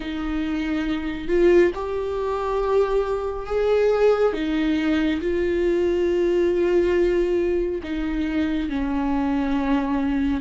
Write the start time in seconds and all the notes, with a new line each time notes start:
0.00 D#4
1.28 F4
1.74 G4
3.46 G#4
4.33 D#4
5.21 F4
7.83 D#4
8.69 C#4